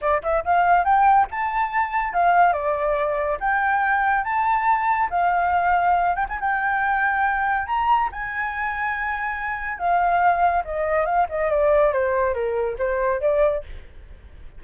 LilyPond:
\new Staff \with { instrumentName = "flute" } { \time 4/4 \tempo 4 = 141 d''8 e''8 f''4 g''4 a''4~ | a''4 f''4 d''2 | g''2 a''2 | f''2~ f''8 g''16 gis''16 g''4~ |
g''2 ais''4 gis''4~ | gis''2. f''4~ | f''4 dis''4 f''8 dis''8 d''4 | c''4 ais'4 c''4 d''4 | }